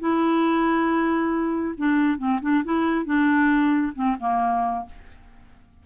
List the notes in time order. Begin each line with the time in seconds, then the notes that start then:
0.00 E4
1.78 D4
2.18 C4
2.42 D4
2.64 E4
3.06 D4
3.95 C4
4.20 A#3